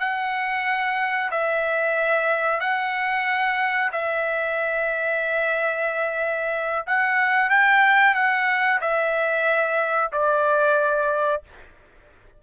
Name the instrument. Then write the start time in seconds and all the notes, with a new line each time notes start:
trumpet
0.00 F#5
1.31 E5
2.61 F#5
3.93 E5
6.87 F#5
7.50 G5
8.15 F#5
8.81 E5
10.13 D5